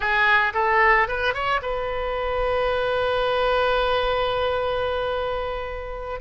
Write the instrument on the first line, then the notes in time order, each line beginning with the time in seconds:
oboe
0.00 G#4
0.53 A4
1.07 B4
1.33 C#5
1.61 B4